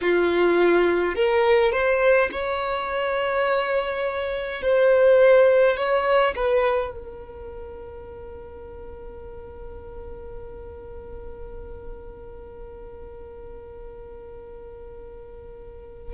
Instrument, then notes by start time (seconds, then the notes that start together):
violin
0.01 F4
1.15 A#4
1.72 C5
2.31 C#5
4.62 C5
5.76 C#5
6.35 B4
6.91 A#4